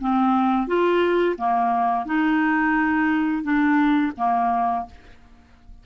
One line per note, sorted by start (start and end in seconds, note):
0.00 0.67 C4
0.67 1.36 F4
1.38 2.05 A#3
2.05 3.43 D#4
3.43 4.12 D4
4.17 4.86 A#3